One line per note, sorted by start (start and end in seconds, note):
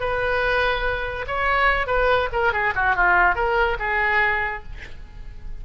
0.00 1.26 B4
1.27 1.87 C#5
1.87 2.29 B4
2.33 2.53 A#4
2.53 2.74 G#4
2.75 2.96 F#4
2.96 3.35 F4
3.35 3.77 A#4
3.80 4.63 G#4